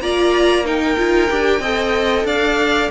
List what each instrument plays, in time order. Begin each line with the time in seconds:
0.00 cello A#3, viola F4, violin D5 A#5
0.64 viola D#4, violin A#4 G5
0.97 cello D#4, viola F4
1.30 cello D4, viola G4
1.60 cello C4, viola A4, violin D#5
2.24 cello D4, violin D5 F5